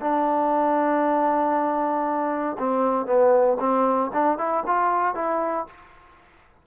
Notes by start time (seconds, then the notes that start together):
0.00 D4
2.58 C4
3.06 B3
3.59 C4
4.13 D4
4.38 E4
4.66 F4
5.15 E4